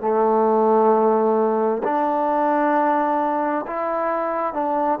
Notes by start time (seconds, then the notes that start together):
0.00 A3
1.83 D4
3.67 E4
4.53 D4